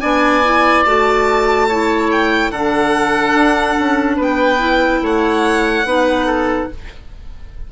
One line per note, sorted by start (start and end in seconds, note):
0.00 0.85 B3
0.00 0.42 D4
0.00 1.68 D5
0.00 0.83 G#5
0.43 0.85 E4
0.85 2.50 A3
0.85 1.68 F#4
0.85 2.10 A5
1.68 2.53 E4
1.68 2.51 C#5
2.11 2.51 G5
2.50 3.33 D3
2.50 4.58 D4
2.50 4.16 A4
2.50 4.17 F#5
3.34 3.76 D4
3.79 4.18 C#4
4.16 5.01 B3
4.16 4.99 B4
4.16 5.05 G5
4.58 5.83 E4
5.01 5.84 A3
5.01 5.86 C#5
5.01 6.72 F#5
5.84 6.68 B3
5.84 6.69 D#4
5.84 6.26 B4
6.26 6.67 A4